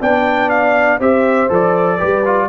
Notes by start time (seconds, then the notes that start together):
0.00 B3 D4 D5 G5
0.49 F5
0.99 C4 G4 C5 E5
1.49 F3 A4 D5
1.97 G3 G4 B4
2.25 F4